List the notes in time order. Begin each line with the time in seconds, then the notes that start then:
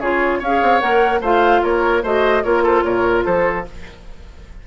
0.00 C#3 F4 G#4 C#5
0.39 C#4 C#5 F5
0.45 G#4
0.62 C4
0.80 A#3 A#4 F#5
1.21 A3 F4 C5 F5
1.63 A#3 A#4 C#5
2.03 A3 F#4 C5 D#5
2.43 A#3 F4 A#4 C#5
2.63 A4 C5
2.82 A#2 A#4 C#5
3.25 F3 A4 C5